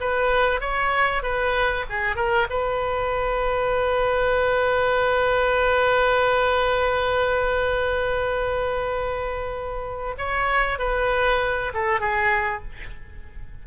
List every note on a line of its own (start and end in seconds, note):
0.00 0.61 B4
0.61 1.22 C#5
1.22 1.85 B4
1.89 2.16 G#4
2.16 2.47 A#4
2.50 10.15 B4
10.18 10.79 C#5
10.79 11.72 B4
11.74 12.00 A4
12.00 12.62 G#4